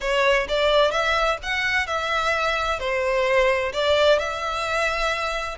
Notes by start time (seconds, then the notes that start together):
0.00 C#5
0.48 D5
0.91 E5
1.42 F#5
1.86 E5
2.79 C5
3.73 D5
4.18 E5